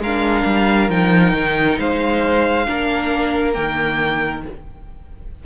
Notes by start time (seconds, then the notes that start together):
0.00 G#3 D4 A#4 F5
0.46 G3
0.89 F3 D#4 G5
1.33 D#3
1.79 G#3 C5 F5
2.66 A#3 D4 A#4
3.54 D#3 A#3 G5